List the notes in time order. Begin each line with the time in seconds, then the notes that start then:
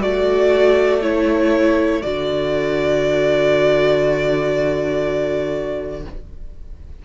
0.00 A3 F#4 A4 D5
1.02 E4 C#5
2.02 D3 F#4 D5